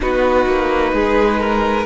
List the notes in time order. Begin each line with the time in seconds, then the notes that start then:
0.00 B3 D#4 F#4 B4
0.46 A#3
0.93 G#3 G#4
1.40 A#4